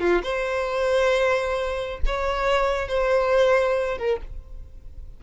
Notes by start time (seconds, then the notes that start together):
0.00 F4
0.23 C5
2.06 C#5
2.88 C5
3.98 A#4